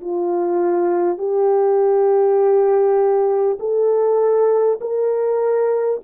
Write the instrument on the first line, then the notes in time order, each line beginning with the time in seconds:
horn
0.00 F4
1.17 G4
3.59 A4
4.81 A#4